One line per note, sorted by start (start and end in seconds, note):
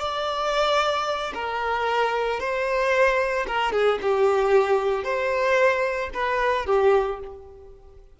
0.00 1.33 D5
1.34 2.40 A#4
2.40 3.46 C5
3.47 3.72 A#4
3.72 3.99 G#4
4.02 5.04 G4
5.04 6.10 C5
6.14 6.66 B4
6.66 7.19 G4